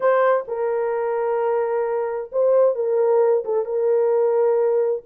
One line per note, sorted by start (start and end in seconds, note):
0.00 0.45 C5
0.47 2.30 A#4
2.32 2.75 C5
2.75 3.44 A#4
3.45 3.65 A4
3.65 5.02 A#4